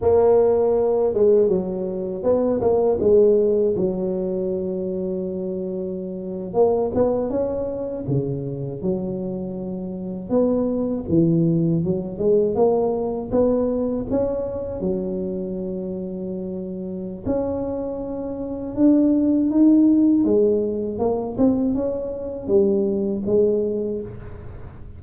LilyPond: \new Staff \with { instrumentName = "tuba" } { \time 4/4 \tempo 4 = 80 ais4. gis8 fis4 b8 ais8 | gis4 fis2.~ | fis8. ais8 b8 cis'4 cis4 fis16~ | fis4.~ fis16 b4 e4 fis16~ |
fis16 gis8 ais4 b4 cis'4 fis16~ | fis2. cis'4~ | cis'4 d'4 dis'4 gis4 | ais8 c'8 cis'4 g4 gis4 | }